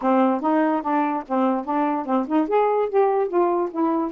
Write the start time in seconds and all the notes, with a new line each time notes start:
0.01 C4
0.40 D#4
0.82 D4
1.27 C4
1.65 D4
2.05 C4
2.27 D#4
2.48 G#4
2.89 G4
3.28 F4
3.70 E4